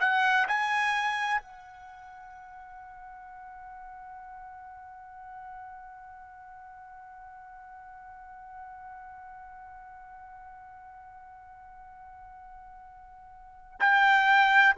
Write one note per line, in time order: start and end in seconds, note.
0.00 0.48 F#5
0.48 1.41 G#5
1.41 13.79 F#5
13.81 14.76 G5